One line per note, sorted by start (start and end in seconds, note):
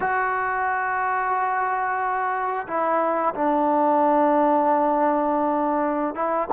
0.00 2.66 F#4
2.67 3.33 E4
3.35 6.15 D4
6.15 6.48 E4